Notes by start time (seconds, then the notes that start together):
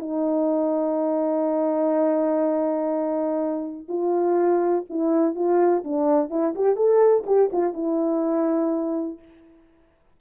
0.00 D#4
3.89 F4
4.90 E4
5.36 F4
5.85 D4
6.31 E4
6.56 G4
6.76 A4
7.27 G4
7.53 F4
7.74 E4